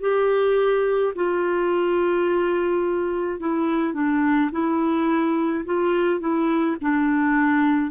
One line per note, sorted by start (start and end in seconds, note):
0.00 1.13 G4
1.15 3.39 F4
3.39 3.93 E4
3.93 4.50 D4
4.51 5.64 E4
5.65 6.20 F4
6.20 6.76 E4
6.81 7.90 D4